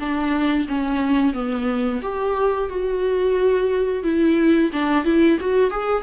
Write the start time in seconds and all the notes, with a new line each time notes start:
0.00 D4
0.69 C#4
1.34 B3
2.03 G4
2.70 F#4
4.04 E4
4.73 D4
5.05 E4
5.40 F#4
5.71 G#4